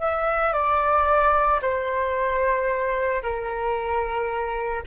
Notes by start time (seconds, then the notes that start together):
0.00 E5
0.53 D5
1.62 C5
3.23 A#4